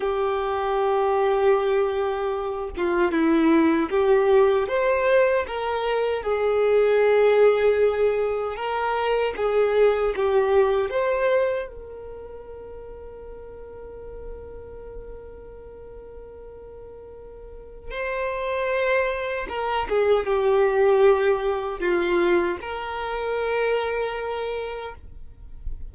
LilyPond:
\new Staff \with { instrumentName = "violin" } { \time 4/4 \tempo 4 = 77 g'2.~ g'8 f'8 | e'4 g'4 c''4 ais'4 | gis'2. ais'4 | gis'4 g'4 c''4 ais'4~ |
ais'1~ | ais'2. c''4~ | c''4 ais'8 gis'8 g'2 | f'4 ais'2. | }